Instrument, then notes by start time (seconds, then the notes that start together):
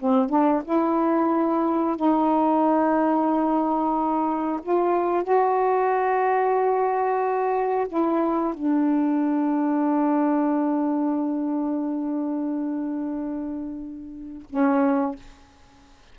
saxophone
0.00 C4
0.30 D4
0.65 E4
1.97 D#4
4.63 F4
5.24 F#4
7.89 E4
8.54 D4
14.50 C#4